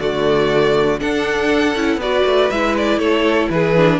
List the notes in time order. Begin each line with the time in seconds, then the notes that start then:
0.00 D3 A3 F#4 D5
1.00 D4 A4 F#5
1.76 C#4 E4
1.97 B3 F#4 B4 D5
2.26 A3
2.51 G#3 E4 E5
2.78 D5
2.98 A3 A4 C#5
3.50 E3 G#4 B4
3.77 D4